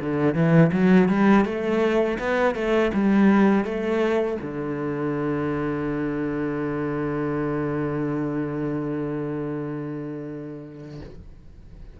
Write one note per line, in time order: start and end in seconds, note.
0.00 0.34 D3
0.34 0.71 E3
0.72 1.08 F#3
1.08 1.45 G3
1.45 2.18 A3
2.19 2.55 B3
2.55 2.91 A3
2.94 3.64 G3
3.64 4.37 A3
4.41 11.00 D3